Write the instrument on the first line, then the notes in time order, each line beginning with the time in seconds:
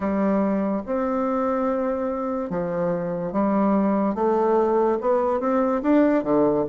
bassoon
0.00 G3
0.86 C4
2.50 F3
3.32 G3
4.14 A3
5.00 B3
5.39 C4
5.82 D4
6.23 D3